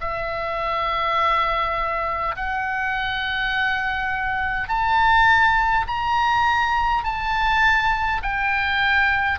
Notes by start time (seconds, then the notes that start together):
0.00 E5
2.36 F#5
4.68 A5
5.87 A#5
7.04 A5
8.22 G5